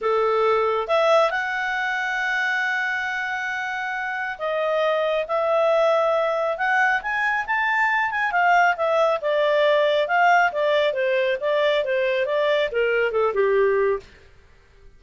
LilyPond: \new Staff \with { instrumentName = "clarinet" } { \time 4/4 \tempo 4 = 137 a'2 e''4 fis''4~ | fis''1~ | fis''2 dis''2 | e''2. fis''4 |
gis''4 a''4. gis''8 f''4 | e''4 d''2 f''4 | d''4 c''4 d''4 c''4 | d''4 ais'4 a'8 g'4. | }